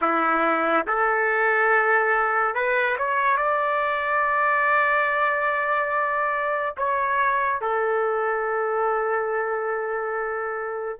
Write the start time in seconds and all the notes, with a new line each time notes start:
0.01 E4
0.87 A4
2.54 B4
2.98 C#5
3.37 D5
6.77 C#5
7.61 A4